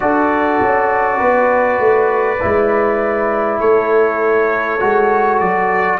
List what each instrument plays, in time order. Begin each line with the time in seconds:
0.00 tuba D4, trombone F#4, horn A4, trumpet D5
0.61 tuba C#4
1.18 tuba B3, horn B4
1.79 tuba A3
2.41 tuba G#3, trombone E4
3.60 tuba A3, horn A4, trumpet C#5
4.79 tuba G#3, trombone F#4
5.38 tuba F#3, trumpet D5